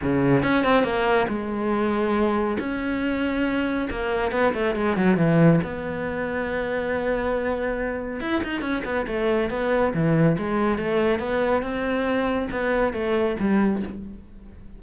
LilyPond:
\new Staff \with { instrumentName = "cello" } { \time 4/4 \tempo 4 = 139 cis4 cis'8 c'8 ais4 gis4~ | gis2 cis'2~ | cis'4 ais4 b8 a8 gis8 fis8 | e4 b2.~ |
b2. e'8 dis'8 | cis'8 b8 a4 b4 e4 | gis4 a4 b4 c'4~ | c'4 b4 a4 g4 | }